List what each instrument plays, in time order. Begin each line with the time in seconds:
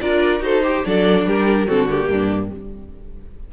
0.00 cello D4, viola F4, violin A#4 D5
0.40 cello D#4, viola F#4, violin A4 C5
0.63 viola G4, violin G4
0.84 cello F#3, viola D4, violin A4 D5
1.25 cello G3, violin G4 A#4
1.67 cello D3, viola C4, violin F#4 A4
1.89 viola A#3, violin G4
2.08 cello G2, violin D4